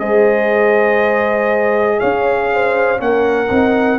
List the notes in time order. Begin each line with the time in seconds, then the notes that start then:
0.00 G#3 G#4 C5 D#5
1.99 C#4 C#5 F5
2.54 C5
2.98 A#3 C#4 A#4 F#5
3.51 C4 D#4